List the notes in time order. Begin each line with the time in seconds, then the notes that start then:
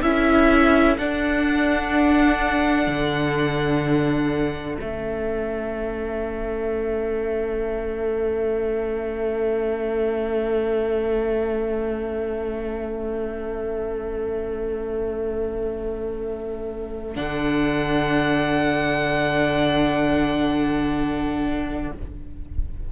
0.00 C#4 E4 A4 E5
0.98 D4 F#5
2.87 D3
4.75 A3 C#4 E5
17.15 D3 D4 F#5